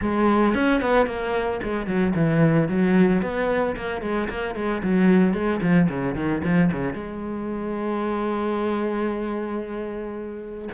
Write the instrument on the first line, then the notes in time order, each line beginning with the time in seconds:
cello
0.01 G#3
0.54 C#4
0.81 B3
1.06 A#3
1.63 G#3
1.86 F#3
2.15 E3
2.68 F#3
3.21 B3
3.76 A#3
4.01 G#3
4.29 A#3
4.55 G#3
4.82 F#3
5.33 G#3
5.61 F3
5.89 C#3
6.15 D#3
6.44 F3
6.72 C#3
6.93 G#3